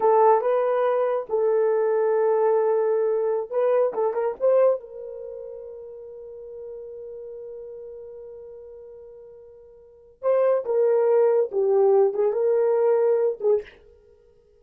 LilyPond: \new Staff \with { instrumentName = "horn" } { \time 4/4 \tempo 4 = 141 a'4 b'2 a'4~ | a'1~ | a'16 b'4 a'8 ais'8 c''4 ais'8.~ | ais'1~ |
ais'1~ | ais'1 | c''4 ais'2 g'4~ | g'8 gis'8 ais'2~ ais'8 gis'8 | }